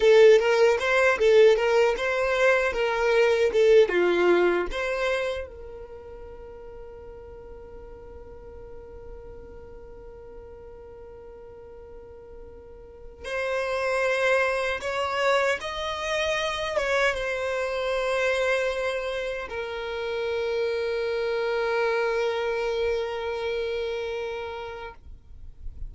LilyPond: \new Staff \with { instrumentName = "violin" } { \time 4/4 \tempo 4 = 77 a'8 ais'8 c''8 a'8 ais'8 c''4 ais'8~ | ais'8 a'8 f'4 c''4 ais'4~ | ais'1~ | ais'1~ |
ais'4 c''2 cis''4 | dis''4. cis''8 c''2~ | c''4 ais'2.~ | ais'1 | }